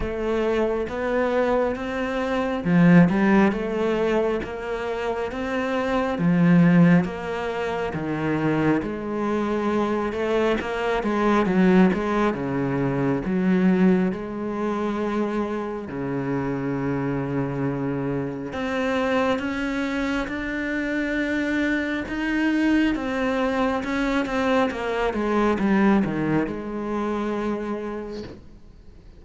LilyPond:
\new Staff \with { instrumentName = "cello" } { \time 4/4 \tempo 4 = 68 a4 b4 c'4 f8 g8 | a4 ais4 c'4 f4 | ais4 dis4 gis4. a8 | ais8 gis8 fis8 gis8 cis4 fis4 |
gis2 cis2~ | cis4 c'4 cis'4 d'4~ | d'4 dis'4 c'4 cis'8 c'8 | ais8 gis8 g8 dis8 gis2 | }